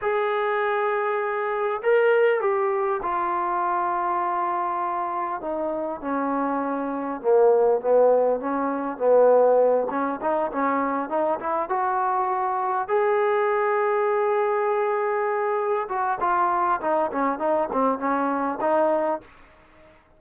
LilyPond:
\new Staff \with { instrumentName = "trombone" } { \time 4/4 \tempo 4 = 100 gis'2. ais'4 | g'4 f'2.~ | f'4 dis'4 cis'2 | ais4 b4 cis'4 b4~ |
b8 cis'8 dis'8 cis'4 dis'8 e'8 fis'8~ | fis'4. gis'2~ gis'8~ | gis'2~ gis'8 fis'8 f'4 | dis'8 cis'8 dis'8 c'8 cis'4 dis'4 | }